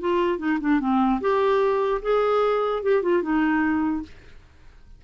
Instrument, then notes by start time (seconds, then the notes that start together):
clarinet
0.00 F4
0.38 D#4
0.61 D4
0.80 C4
1.21 G4
2.02 G#4
2.83 G4
3.02 F4
3.23 D#4